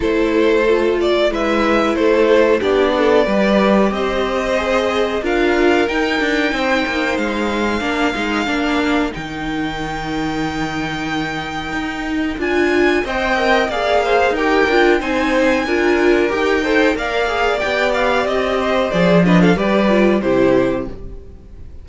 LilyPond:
<<
  \new Staff \with { instrumentName = "violin" } { \time 4/4 \tempo 4 = 92 c''4. d''8 e''4 c''4 | d''2 dis''2 | f''4 g''2 f''4~ | f''2 g''2~ |
g''2. gis''4 | g''4 f''4 g''4 gis''4~ | gis''4 g''4 f''4 g''8 f''8 | dis''4 d''8 dis''16 f''16 d''4 c''4 | }
  \new Staff \with { instrumentName = "violin" } { \time 4/4 a'2 b'4 a'4 | g'8 a'8 b'4 c''2 | ais'2 c''2 | ais'1~ |
ais'1 | dis''4 d''8 c''8 ais'4 c''4 | ais'4. c''8 d''2~ | d''8 c''4 b'16 a'16 b'4 g'4 | }
  \new Staff \with { instrumentName = "viola" } { \time 4/4 e'4 f'4 e'2 | d'4 g'2 gis'4 | f'4 dis'2. | d'8 dis'8 d'4 dis'2~ |
dis'2. f'4 | c''8 ais'8 gis'4 g'8 f'8 dis'4 | f'4 g'8 a'8 ais'8 gis'8 g'4~ | g'4 gis'8 d'8 g'8 f'8 e'4 | }
  \new Staff \with { instrumentName = "cello" } { \time 4/4 a2 gis4 a4 | b4 g4 c'2 | d'4 dis'8 d'8 c'8 ais8 gis4 | ais8 gis8 ais4 dis2~ |
dis2 dis'4 d'4 | c'4 ais4 dis'8 d'8 c'4 | d'4 dis'4 ais4 b4 | c'4 f4 g4 c4 | }
>>